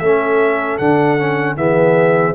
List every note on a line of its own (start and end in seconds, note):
0.00 0.79 A3
0.00 0.81 C#4
0.00 1.58 A4
0.00 0.78 E5
0.78 1.57 D3
0.78 1.19 D4
0.78 1.56 F#5
1.19 1.56 C#4
1.56 2.35 E3
1.56 2.34 B3
1.56 2.35 G#4
1.56 2.35 E5